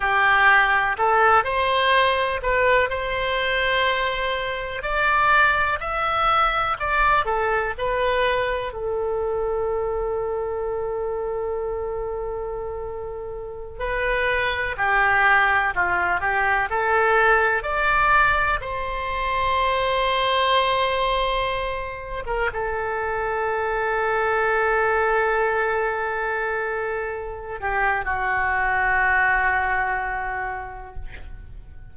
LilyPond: \new Staff \with { instrumentName = "oboe" } { \time 4/4 \tempo 4 = 62 g'4 a'8 c''4 b'8 c''4~ | c''4 d''4 e''4 d''8 a'8 | b'4 a'2.~ | a'2~ a'16 b'4 g'8.~ |
g'16 f'8 g'8 a'4 d''4 c''8.~ | c''2. ais'16 a'8.~ | a'1~ | a'8 g'8 fis'2. | }